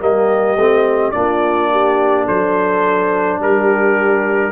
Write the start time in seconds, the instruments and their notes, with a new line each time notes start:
0.00 tuba G3, trombone A#3, horn G4, trumpet D#5
0.56 tuba A3, trombone C4
1.11 tuba A#3, trombone D4, horn F4, trumpet D5
1.71 horn G4
2.25 tuba F#3, horn A4, trumpet C5
3.39 tuba G3, horn G4, trumpet A#4